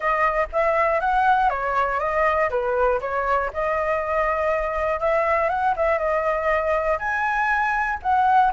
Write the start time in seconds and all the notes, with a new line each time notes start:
0.00 D#5
0.52 E5
1.00 F#5
1.49 C#5
1.99 D#5
2.50 B4
3.00 C#5
3.53 D#5
5.00 E5
5.49 F#5
5.76 E5
5.98 D#5
6.98 G#5
8.02 F#5